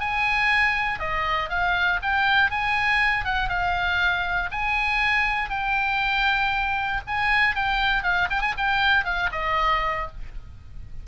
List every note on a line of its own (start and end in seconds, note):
0.00 0.99 G#5
0.99 1.50 D#5
1.50 2.00 F5
2.02 2.51 G5
2.51 3.25 G#5
3.25 3.49 F#5
3.49 4.50 F5
4.51 5.50 G#5
5.50 7.01 G5
7.07 7.56 G#5
7.56 8.03 G5
8.03 8.28 F5
8.31 8.42 G5
8.42 8.54 G#5
8.58 9.05 G5
9.05 9.30 F5
9.32 10.07 D#5